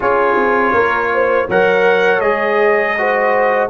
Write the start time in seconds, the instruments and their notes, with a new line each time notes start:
0.00 tuba C#4, trombone F4, horn G#4, trumpet C#5
0.35 tuba C4
0.73 tuba A#3, horn A#4
1.13 horn C5
1.48 tuba F#3, trombone A#4, horn C#5, trumpet F#5
2.20 tuba G#3, trombone G#4, trumpet D#5
2.98 trombone F#4, horn C5